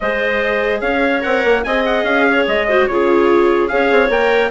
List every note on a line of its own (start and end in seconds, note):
0.00 0.81 G#3
0.00 1.20 G#4
0.00 0.81 C5
0.00 0.80 D#5
0.80 1.22 C#4
0.80 1.63 C#5
0.80 1.22 F5
1.20 1.44 C4
1.20 1.62 A#4
1.20 1.63 F#5
1.44 1.65 A#3
1.63 2.03 C4
1.63 2.69 G#4
1.63 2.28 D#5
1.63 1.84 G#5
1.85 2.04 F#5
2.03 2.44 C#4
2.03 2.45 F5
2.28 2.67 C#5
2.47 2.88 G#3
2.47 2.87 D#5
2.67 2.89 F#4
2.67 2.88 C5
2.87 3.70 C#3
2.87 3.68 F4
2.87 3.71 G#4
2.87 3.68 C#5
3.68 3.91 C#4
3.68 4.09 G#4
3.68 4.50 C#5
3.68 4.09 F5
3.91 4.09 C4
4.09 4.50 A#3
4.09 4.50 A#4
4.09 4.50 G5